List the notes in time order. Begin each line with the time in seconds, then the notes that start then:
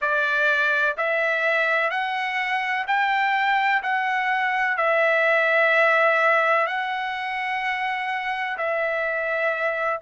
0.01 D5
0.97 E5
1.90 F#5
2.87 G5
3.83 F#5
4.77 E5
6.67 F#5
8.57 E5